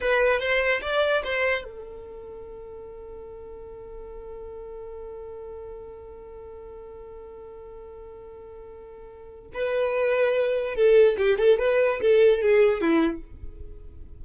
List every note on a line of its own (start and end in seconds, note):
0.00 0.39 B4
0.39 0.81 C5
0.81 1.23 D5
1.23 1.64 C5
1.64 9.50 A4
9.53 10.75 B4
10.75 11.16 A4
11.17 11.38 G4
11.38 11.58 A4
11.58 12.00 B4
12.01 12.41 A4
12.41 12.81 G#4
12.81 13.22 E4